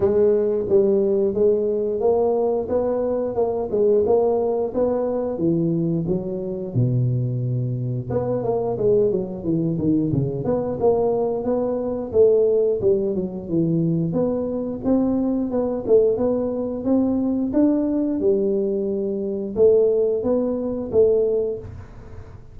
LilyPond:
\new Staff \with { instrumentName = "tuba" } { \time 4/4 \tempo 4 = 89 gis4 g4 gis4 ais4 | b4 ais8 gis8 ais4 b4 | e4 fis4 b,2 | b8 ais8 gis8 fis8 e8 dis8 cis8 b8 |
ais4 b4 a4 g8 fis8 | e4 b4 c'4 b8 a8 | b4 c'4 d'4 g4~ | g4 a4 b4 a4 | }